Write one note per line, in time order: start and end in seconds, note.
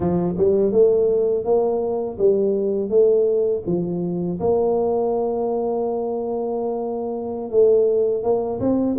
0.00 0.35 F3
0.37 0.72 G3
0.72 1.44 A3
1.44 2.18 A#3
2.18 2.89 G3
2.89 3.63 A3
3.66 4.39 F3
4.40 7.50 A#3
7.50 8.23 A3
8.23 8.59 A#3
8.59 8.96 C4